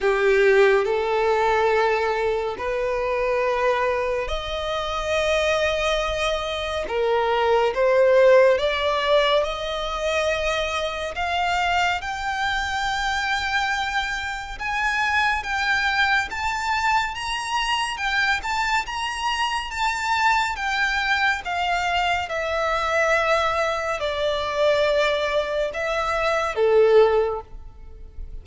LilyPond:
\new Staff \with { instrumentName = "violin" } { \time 4/4 \tempo 4 = 70 g'4 a'2 b'4~ | b'4 dis''2. | ais'4 c''4 d''4 dis''4~ | dis''4 f''4 g''2~ |
g''4 gis''4 g''4 a''4 | ais''4 g''8 a''8 ais''4 a''4 | g''4 f''4 e''2 | d''2 e''4 a'4 | }